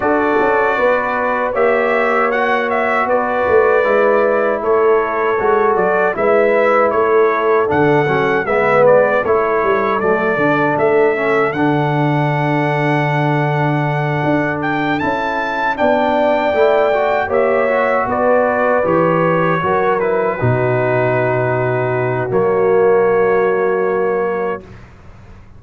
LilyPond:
<<
  \new Staff \with { instrumentName = "trumpet" } { \time 4/4 \tempo 4 = 78 d''2 e''4 fis''8 e''8 | d''2 cis''4. d''8 | e''4 cis''4 fis''4 e''8 d''8 | cis''4 d''4 e''4 fis''4~ |
fis''2. g''8 a''8~ | a''8 g''2 e''4 d''8~ | d''8 cis''4. b'2~ | b'4 cis''2. | }
  \new Staff \with { instrumentName = "horn" } { \time 4/4 a'4 b'4 cis''2 | b'2 a'2 | b'4 a'2 b'4 | a'1~ |
a'1~ | a'8 d''2 cis''4 b'8~ | b'4. ais'4 fis'4.~ | fis'1 | }
  \new Staff \with { instrumentName = "trombone" } { \time 4/4 fis'2 g'4 fis'4~ | fis'4 e'2 fis'4 | e'2 d'8 cis'8 b4 | e'4 a8 d'4 cis'8 d'4~ |
d'2.~ d'8 e'8~ | e'8 d'4 e'8 fis'8 g'8 fis'4~ | fis'8 g'4 fis'8 e'8 dis'4.~ | dis'4 ais2. | }
  \new Staff \with { instrumentName = "tuba" } { \time 4/4 d'8 cis'8 b4 ais2 | b8 a8 gis4 a4 gis8 fis8 | gis4 a4 d8 fis8 gis4 | a8 g8 fis8 d8 a4 d4~ |
d2~ d8 d'4 cis'8~ | cis'8 b4 a4 ais4 b8~ | b8 e4 fis4 b,4.~ | b,4 fis2. | }
>>